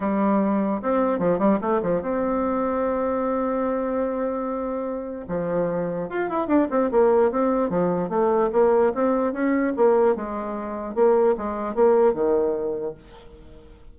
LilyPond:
\new Staff \with { instrumentName = "bassoon" } { \time 4/4 \tempo 4 = 148 g2 c'4 f8 g8 | a8 f8 c'2.~ | c'1~ | c'4 f2 f'8 e'8 |
d'8 c'8 ais4 c'4 f4 | a4 ais4 c'4 cis'4 | ais4 gis2 ais4 | gis4 ais4 dis2 | }